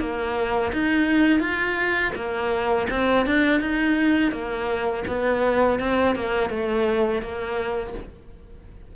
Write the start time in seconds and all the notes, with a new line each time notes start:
0.00 A#3
0.73 D#4
1.40 F4
2.16 A#3
2.90 C4
3.26 D4
3.61 D#4
4.32 A#3
5.07 B3
5.80 C4
6.16 A#3
6.50 A3
7.22 A#3